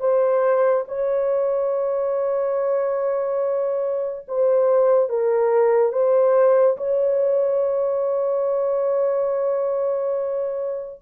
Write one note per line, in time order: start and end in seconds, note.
0.00 0.85 C5
0.88 4.26 C#5
4.28 5.09 C5
5.09 5.92 A#4
5.92 6.76 C5
6.77 11.00 C#5